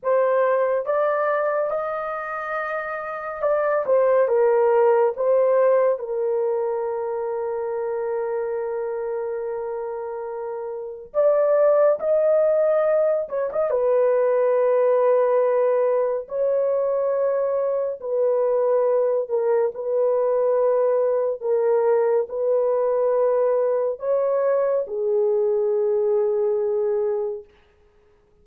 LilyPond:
\new Staff \with { instrumentName = "horn" } { \time 4/4 \tempo 4 = 70 c''4 d''4 dis''2 | d''8 c''8 ais'4 c''4 ais'4~ | ais'1~ | ais'4 d''4 dis''4. cis''16 dis''16 |
b'2. cis''4~ | cis''4 b'4. ais'8 b'4~ | b'4 ais'4 b'2 | cis''4 gis'2. | }